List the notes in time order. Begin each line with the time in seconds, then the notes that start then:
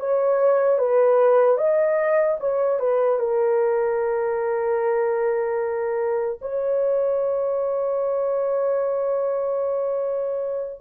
0.00 C#5
0.79 B4
1.58 D#5
2.40 C#5
2.80 B4
3.19 A#4
6.41 C#5